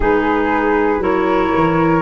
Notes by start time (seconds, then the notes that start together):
0.00 G#3 D#4 G#4 B4
0.98 F#3 E4 A#4 C#5
1.54 E3